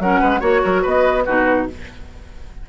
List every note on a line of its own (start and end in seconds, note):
0.00 0.21 F#3
0.00 0.41 C#4
0.00 0.21 A#4
0.00 0.43 F#5
0.21 0.42 G#3
0.21 0.40 B4
0.40 0.63 A#3
0.40 1.24 F#4
0.40 0.61 C#5
0.40 0.86 C#5
0.64 0.86 F#3
0.64 0.82 A#4
0.82 1.28 B3
0.82 1.24 B4
0.82 1.25 D#5
1.25 1.70 B2
1.25 1.69 D#4
1.25 1.67 F#4
1.25 1.67 B4